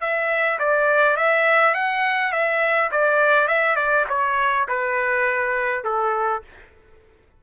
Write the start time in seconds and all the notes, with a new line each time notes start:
0.00 E5
0.59 D5
1.16 E5
1.74 F#5
2.32 E5
2.91 D5
3.47 E5
3.75 D5
4.09 C#5
4.68 B4
5.84 A4